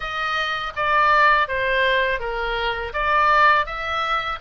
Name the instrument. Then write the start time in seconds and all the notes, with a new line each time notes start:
oboe
0.00 D#5
0.75 D5
1.48 C5
2.20 A#4
2.93 D5
3.66 E5